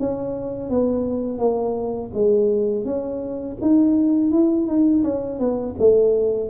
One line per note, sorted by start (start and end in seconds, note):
0.00 0.70 C#4
0.70 1.39 B3
1.39 2.11 A#3
2.14 2.85 G#3
2.85 3.57 C#4
3.61 4.31 D#4
4.31 4.67 E4
4.67 5.03 D#4
5.04 5.40 C#4
5.40 5.76 B3
5.79 6.50 A3